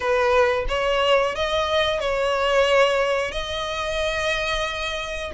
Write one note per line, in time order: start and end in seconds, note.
0.00 0.65 B4
0.68 1.35 C#5
1.35 1.99 D#5
1.99 3.31 C#5
3.31 5.31 D#5